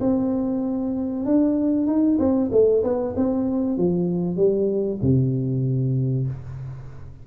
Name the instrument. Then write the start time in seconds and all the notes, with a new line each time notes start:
tuba
0.00 C4
1.25 D4
1.87 D#4
2.19 C4
2.51 A3
2.83 B3
3.16 C4
3.77 F3
4.36 G3
5.01 C3